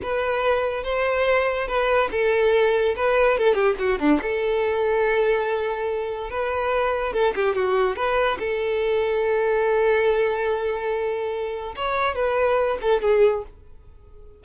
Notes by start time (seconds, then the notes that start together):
0.02 B4
0.83 C5
1.67 B4
2.11 A4
2.96 B4
3.38 A4
3.54 G4
3.78 F#4
3.99 D4
4.22 A4
6.30 B4
7.13 A4
7.35 G4
7.55 F#4
7.95 B4
8.39 A4
11.76 C#5
12.15 B4
12.81 A4
13.01 G#4